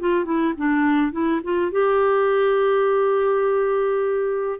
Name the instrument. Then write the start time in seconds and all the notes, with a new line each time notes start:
clarinet
0.00 F4
0.25 E4
0.57 D4
1.12 E4
1.43 F4
1.72 G4